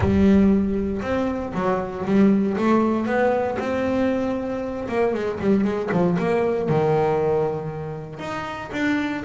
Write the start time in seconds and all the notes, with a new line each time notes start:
0.00 G3
1.02 C4
1.54 F#3
2.05 G3
2.57 A3
3.06 B3
3.59 C4
4.88 A#3
5.14 G#3
5.40 G3
5.64 G#3
5.92 F3
6.18 A#3
6.69 D#3
8.19 D#4
8.72 D4